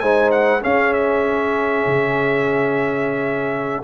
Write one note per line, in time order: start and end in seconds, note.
0.00 0.63 G#3
0.00 0.62 D#4
0.00 0.61 C5
0.00 0.31 G#5
0.32 0.62 F#5
0.61 3.83 C#4
0.61 1.87 C#4
0.61 3.83 G#4
0.61 0.94 F5
0.94 3.84 E5
1.87 3.84 C#3